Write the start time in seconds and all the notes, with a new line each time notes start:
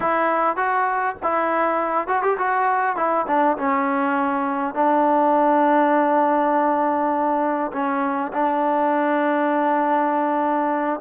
0.00 E4
0.56 F#4
1.22 E4
2.07 F#4
2.22 G4
2.38 F#4
2.96 E4
3.27 D4
3.57 C#4
4.74 D4
7.72 C#4
8.32 D4